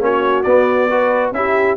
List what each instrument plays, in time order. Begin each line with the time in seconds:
0.00 tuba A#3, trombone C#4, horn F#4, trumpet C#5
0.43 tuba B3, trombone B3, trumpet D5
0.89 trombone F#4, horn B4
1.32 tuba C#4, trombone E4, horn G4, trumpet E5